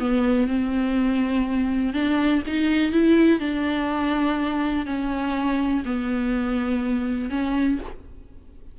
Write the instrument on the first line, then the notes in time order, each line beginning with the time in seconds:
viola
0.00 B3
0.48 C4
1.94 D4
2.47 D#4
2.92 E4
3.40 D4
4.86 C#4
5.86 B3
7.31 C#4